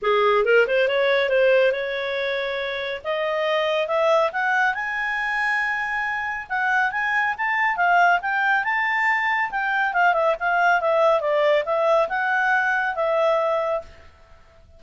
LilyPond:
\new Staff \with { instrumentName = "clarinet" } { \time 4/4 \tempo 4 = 139 gis'4 ais'8 c''8 cis''4 c''4 | cis''2. dis''4~ | dis''4 e''4 fis''4 gis''4~ | gis''2. fis''4 |
gis''4 a''4 f''4 g''4 | a''2 g''4 f''8 e''8 | f''4 e''4 d''4 e''4 | fis''2 e''2 | }